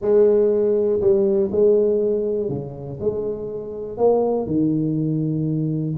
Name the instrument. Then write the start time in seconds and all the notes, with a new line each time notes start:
tuba
0.01 G#3
1.00 G3
1.51 G#3
2.48 C#3
3.00 G#3
3.97 A#3
4.46 D#3